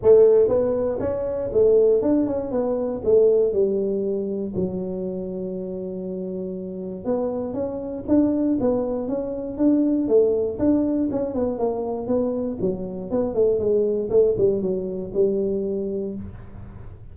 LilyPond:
\new Staff \with { instrumentName = "tuba" } { \time 4/4 \tempo 4 = 119 a4 b4 cis'4 a4 | d'8 cis'8 b4 a4 g4~ | g4 fis2.~ | fis2 b4 cis'4 |
d'4 b4 cis'4 d'4 | a4 d'4 cis'8 b8 ais4 | b4 fis4 b8 a8 gis4 | a8 g8 fis4 g2 | }